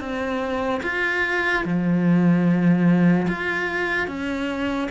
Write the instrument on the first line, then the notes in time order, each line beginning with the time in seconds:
cello
0.00 C4
0.83 F4
1.65 F3
3.28 F4
4.08 C#4